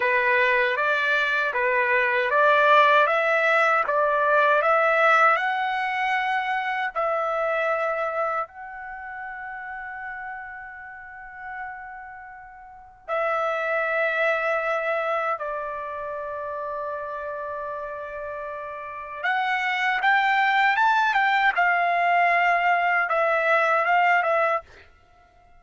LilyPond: \new Staff \with { instrumentName = "trumpet" } { \time 4/4 \tempo 4 = 78 b'4 d''4 b'4 d''4 | e''4 d''4 e''4 fis''4~ | fis''4 e''2 fis''4~ | fis''1~ |
fis''4 e''2. | d''1~ | d''4 fis''4 g''4 a''8 g''8 | f''2 e''4 f''8 e''8 | }